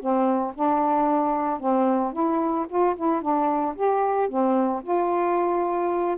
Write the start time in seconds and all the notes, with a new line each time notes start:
0.00 C4
0.55 D4
1.59 C4
2.13 E4
2.69 F4
2.96 E4
3.21 D4
3.76 G4
4.29 C4
4.83 F4